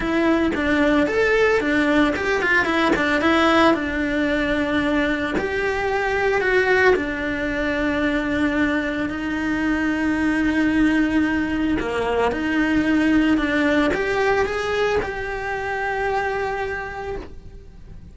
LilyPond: \new Staff \with { instrumentName = "cello" } { \time 4/4 \tempo 4 = 112 e'4 d'4 a'4 d'4 | g'8 f'8 e'8 d'8 e'4 d'4~ | d'2 g'2 | fis'4 d'2.~ |
d'4 dis'2.~ | dis'2 ais4 dis'4~ | dis'4 d'4 g'4 gis'4 | g'1 | }